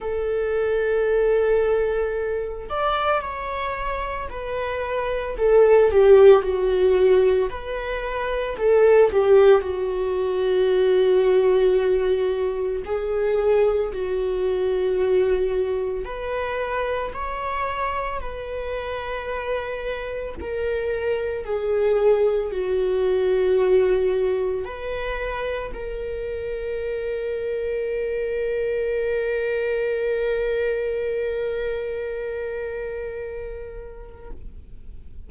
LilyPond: \new Staff \with { instrumentName = "viola" } { \time 4/4 \tempo 4 = 56 a'2~ a'8 d''8 cis''4 | b'4 a'8 g'8 fis'4 b'4 | a'8 g'8 fis'2. | gis'4 fis'2 b'4 |
cis''4 b'2 ais'4 | gis'4 fis'2 b'4 | ais'1~ | ais'1 | }